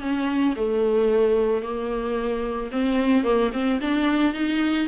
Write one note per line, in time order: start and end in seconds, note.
0.00 0.54 C#4
0.56 1.62 A3
1.62 2.70 A#3
2.71 3.24 C4
3.24 3.51 A#3
3.53 3.80 C4
3.81 4.33 D4
4.33 4.87 D#4